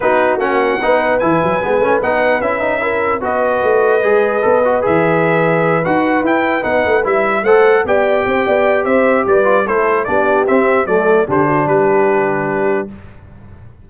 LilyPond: <<
  \new Staff \with { instrumentName = "trumpet" } { \time 4/4 \tempo 4 = 149 b'4 fis''2 gis''4~ | gis''4 fis''4 e''2 | dis''1 | e''2~ e''8 fis''4 g''8~ |
g''8 fis''4 e''4 fis''4 g''8~ | g''2 e''4 d''4 | c''4 d''4 e''4 d''4 | c''4 b'2. | }
  \new Staff \with { instrumentName = "horn" } { \time 4/4 fis'2 b'2~ | b'2. ais'4 | b'1~ | b'1~ |
b'2~ b'8 c''4 d''8~ | d''8 c''8 d''4 c''4 b'4 | a'4 g'2 a'4 | g'8 fis'8 g'2. | }
  \new Staff \with { instrumentName = "trombone" } { \time 4/4 dis'4 cis'4 dis'4 e'4 | b8 cis'8 dis'4 e'8 dis'8 e'4 | fis'2 gis'4 a'8 fis'8 | gis'2~ gis'8 fis'4 e'8~ |
e'8 dis'4 e'4 a'4 g'8~ | g'2.~ g'8 f'8 | e'4 d'4 c'4 a4 | d'1 | }
  \new Staff \with { instrumentName = "tuba" } { \time 4/4 b4 ais4 b4 e8 fis8 | gis8 a8 b4 cis'2 | b4 a4 gis4 b4 | e2~ e8 dis'4 e'8~ |
e'8 b8 a8 g4 a4 b8~ | b8 c'8 b4 c'4 g4 | a4 b4 c'4 fis4 | d4 g2. | }
>>